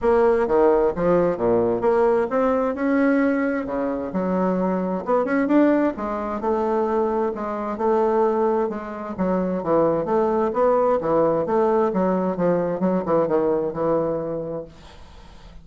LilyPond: \new Staff \with { instrumentName = "bassoon" } { \time 4/4 \tempo 4 = 131 ais4 dis4 f4 ais,4 | ais4 c'4 cis'2 | cis4 fis2 b8 cis'8 | d'4 gis4 a2 |
gis4 a2 gis4 | fis4 e4 a4 b4 | e4 a4 fis4 f4 | fis8 e8 dis4 e2 | }